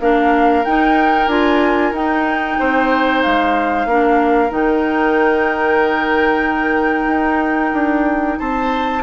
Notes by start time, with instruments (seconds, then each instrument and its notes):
0.00 bassoon A#3, clarinet D4, oboe A#4, flute F5
0.64 clarinet D#4, bassoon D#4, flute G5
1.27 bassoon D4, clarinet F4, flute G#5
1.92 bassoon D#4, clarinet D#4, flute G5
2.59 bassoon C4, oboe C5
3.22 bassoon G#3, flute F5
3.85 bassoon A#3, clarinet D4, oboe A#4
4.49 bassoon D#3, clarinet D#4, flute G5
7.07 bassoon D#4
7.73 bassoon D4
8.39 bassoon C4, oboe C5, flute A5